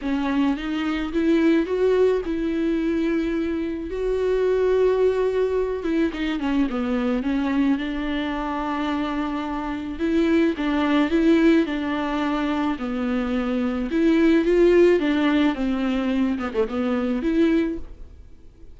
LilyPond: \new Staff \with { instrumentName = "viola" } { \time 4/4 \tempo 4 = 108 cis'4 dis'4 e'4 fis'4 | e'2. fis'4~ | fis'2~ fis'8 e'8 dis'8 cis'8 | b4 cis'4 d'2~ |
d'2 e'4 d'4 | e'4 d'2 b4~ | b4 e'4 f'4 d'4 | c'4. b16 a16 b4 e'4 | }